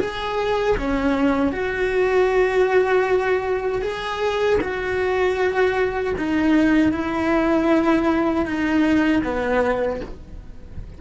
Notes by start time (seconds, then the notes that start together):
0.00 G#4
0.77 C#4
1.52 F#4
3.82 G#4
4.61 F#4
6.17 D#4
6.92 E4
8.46 D#4
9.24 B3